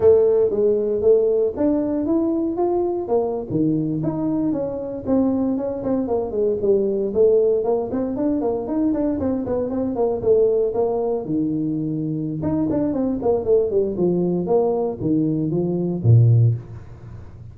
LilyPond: \new Staff \with { instrumentName = "tuba" } { \time 4/4 \tempo 4 = 116 a4 gis4 a4 d'4 | e'4 f'4 ais8. dis4 dis'16~ | dis'8. cis'4 c'4 cis'8 c'8 ais16~ | ais16 gis8 g4 a4 ais8 c'8 d'16~ |
d'16 ais8 dis'8 d'8 c'8 b8 c'8 ais8 a16~ | a8. ais4 dis2~ dis16 | dis'8 d'8 c'8 ais8 a8 g8 f4 | ais4 dis4 f4 ais,4 | }